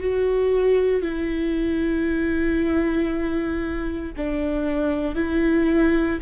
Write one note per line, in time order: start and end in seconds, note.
0.00 1.02 F#4
1.02 4.12 E4
4.17 5.15 D4
5.15 6.19 E4